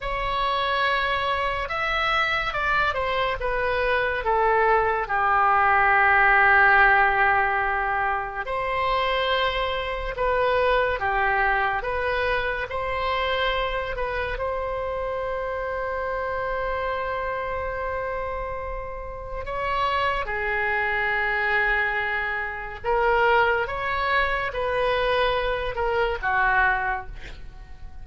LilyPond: \new Staff \with { instrumentName = "oboe" } { \time 4/4 \tempo 4 = 71 cis''2 e''4 d''8 c''8 | b'4 a'4 g'2~ | g'2 c''2 | b'4 g'4 b'4 c''4~ |
c''8 b'8 c''2.~ | c''2. cis''4 | gis'2. ais'4 | cis''4 b'4. ais'8 fis'4 | }